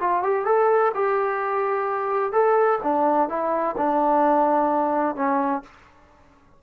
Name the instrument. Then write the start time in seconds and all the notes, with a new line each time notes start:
trombone
0.00 F4
0.23 G4
0.45 A4
0.94 G4
2.32 A4
2.83 D4
3.29 E4
3.77 D4
5.16 C#4